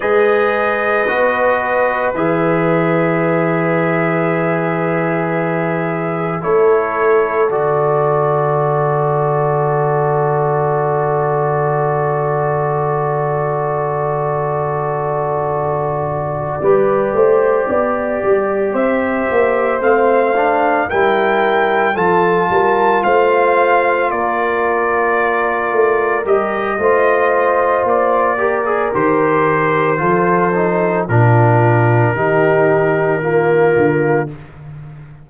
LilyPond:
<<
  \new Staff \with { instrumentName = "trumpet" } { \time 4/4 \tempo 4 = 56 dis''2 e''2~ | e''2 cis''4 d''4~ | d''1~ | d''1~ |
d''4. e''4 f''4 g''8~ | g''8 a''4 f''4 d''4.~ | d''8 dis''4. d''4 c''4~ | c''4 ais'2. | }
  \new Staff \with { instrumentName = "horn" } { \time 4/4 b'1~ | b'2 a'2~ | a'1~ | a'2.~ a'8 b'8 |
c''8 d''4 c''2 ais'8~ | ais'8 a'8 ais'8 c''4 ais'4.~ | ais'4 c''4. ais'4. | a'4 f'4 g'4 f'4 | }
  \new Staff \with { instrumentName = "trombone" } { \time 4/4 gis'4 fis'4 gis'2~ | gis'2 e'4 fis'4~ | fis'1~ | fis'2.~ fis'8 g'8~ |
g'2~ g'8 c'8 d'8 e'8~ | e'8 f'2.~ f'8~ | f'8 g'8 f'4. g'16 gis'16 g'4 | f'8 dis'8 d'4 dis'4 ais4 | }
  \new Staff \with { instrumentName = "tuba" } { \time 4/4 gis4 b4 e2~ | e2 a4 d4~ | d1~ | d2.~ d8 g8 |
a8 b8 g8 c'8 ais8 a4 g8~ | g8 f8 g8 a4 ais4. | a8 g8 a4 ais4 dis4 | f4 ais,4 dis4. d8 | }
>>